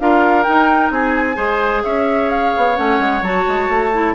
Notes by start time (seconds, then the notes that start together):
0.00 D4 F4 A#4 F5
0.43 D#4 G5
0.91 C4 G#4 G#5
1.35 G#3 G#4 C5
1.84 C#4 C#5 E5
2.30 F5
2.57 B3
2.76 A3 C#4 F#5
3.00 G#3
3.22 F#3 F#4 A5
3.48 G#3
3.69 A3
3.93 E4